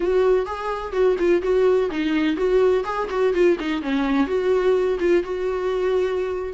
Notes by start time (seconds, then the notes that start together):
0.00 F#4
0.46 G#4
0.92 F#4
1.18 F4
1.42 F#4
1.90 D#4
2.36 F#4
2.84 G#4
3.09 F#4
3.33 F4
3.59 D#4
3.82 C#4
4.27 F#4
4.99 F4
5.23 F#4